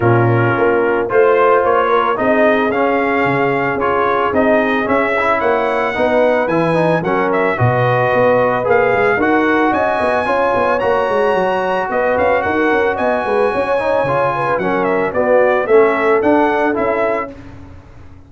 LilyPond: <<
  \new Staff \with { instrumentName = "trumpet" } { \time 4/4 \tempo 4 = 111 ais'2 c''4 cis''4 | dis''4 f''2 cis''4 | dis''4 e''4 fis''2 | gis''4 fis''8 e''8 dis''2 |
f''4 fis''4 gis''2 | ais''2 dis''8 f''8 fis''4 | gis''2. fis''8 e''8 | d''4 e''4 fis''4 e''4 | }
  \new Staff \with { instrumentName = "horn" } { \time 4/4 f'2 c''4. ais'8 | gis'1~ | gis'2 cis''4 b'4~ | b'4 ais'4 b'2~ |
b'4 ais'4 dis''4 cis''4~ | cis''2 b'4 ais'4 | dis''8 b'8 cis''4. b'8 ais'4 | fis'4 a'2. | }
  \new Staff \with { instrumentName = "trombone" } { \time 4/4 cis'2 f'2 | dis'4 cis'2 f'4 | dis'4 cis'8 e'4. dis'4 | e'8 dis'8 cis'4 fis'2 |
gis'4 fis'2 f'4 | fis'1~ | fis'4. dis'8 f'4 cis'4 | b4 cis'4 d'4 e'4 | }
  \new Staff \with { instrumentName = "tuba" } { \time 4/4 ais,4 ais4 a4 ais4 | c'4 cis'4 cis4 cis'4 | c'4 cis'4 ais4 b4 | e4 fis4 b,4 b4 |
ais8 gis8 dis'4 cis'8 b8 cis'8 b8 | ais8 gis8 fis4 b8 cis'8 dis'8 cis'8 | b8 gis8 cis'4 cis4 fis4 | b4 a4 d'4 cis'4 | }
>>